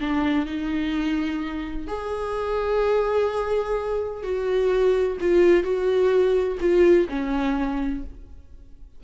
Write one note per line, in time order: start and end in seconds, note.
0.00 0.46 D4
0.46 1.87 D#4
1.87 4.23 G#4
4.23 5.17 F#4
5.20 5.63 F4
5.63 6.58 F#4
6.60 7.07 F4
7.09 8.03 C#4